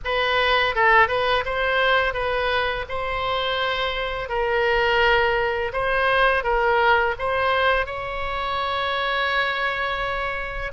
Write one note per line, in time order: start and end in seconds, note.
0.04 0.75 B4
0.75 1.08 A4
1.08 1.44 B4
1.44 2.13 C5
2.13 2.85 B4
2.89 4.29 C5
4.29 5.71 A#4
5.72 6.43 C5
6.43 7.15 A#4
7.18 7.86 C5
7.86 10.71 C#5